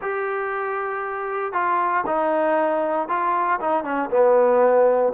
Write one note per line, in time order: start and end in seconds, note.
0.01 1.52 G4
1.52 2.04 F4
2.06 3.08 D#4
3.08 3.59 F4
3.60 3.83 D#4
3.83 4.09 C#4
4.10 5.12 B3